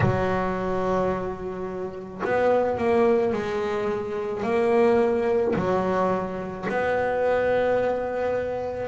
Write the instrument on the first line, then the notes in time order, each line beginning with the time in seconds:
double bass
0.00 F#3
2.24 B3
2.77 A#3
3.32 G#3
4.43 A#3
5.56 F#3
6.69 B3